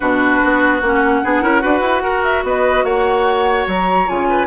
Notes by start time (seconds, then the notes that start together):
0.00 B2 D4 F#4 B4
0.43 B3
0.81 A#3 C#4 F#5
1.23 B3 D4 G#4
1.41 C#4 E4 A#4
1.60 D4 F#4 B4
1.80 E4
2.03 F#4 A#4
2.23 E5
2.43 B3 B4 D#5
2.84 A#3 C#5 F#5
3.67 F#3 A#5
4.07 C#3 F4 G#5
4.29 B4